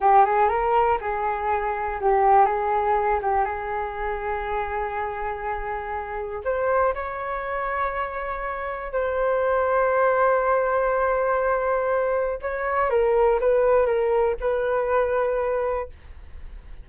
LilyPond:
\new Staff \with { instrumentName = "flute" } { \time 4/4 \tempo 4 = 121 g'8 gis'8 ais'4 gis'2 | g'4 gis'4. g'8 gis'4~ | gis'1~ | gis'4 c''4 cis''2~ |
cis''2 c''2~ | c''1~ | c''4 cis''4 ais'4 b'4 | ais'4 b'2. | }